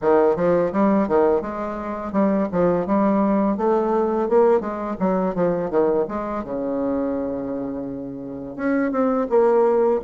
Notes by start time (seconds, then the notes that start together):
0.01 D#3
0.36 F3
0.72 G3
1.07 D#3
1.41 G#3
2.12 G3
2.52 F3
2.86 G3
3.57 A3
4.29 A#3
4.60 G#3
4.99 F#3
5.34 F3
5.70 D#3
6.08 G#3
6.44 C#3
8.56 C#4
8.91 C4
9.29 A#3